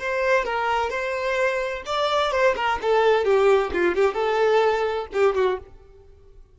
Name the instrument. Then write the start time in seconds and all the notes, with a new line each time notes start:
violin
0.00 C5
0.45 A#4
0.90 C5
1.86 D5
2.32 C5
2.56 A#4
2.82 A4
3.25 G4
3.73 F4
3.95 G4
4.14 A4
5.13 G4
5.35 F#4